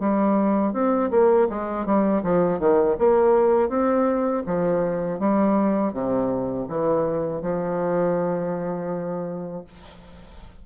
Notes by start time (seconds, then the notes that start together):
0.00 G3
0.73 C4
1.11 A#3
1.49 G#3
1.86 G3
2.23 F3
2.60 D#3
2.99 A#3
3.69 C4
4.46 F3
5.20 G3
5.93 C3
6.68 E3
7.42 F3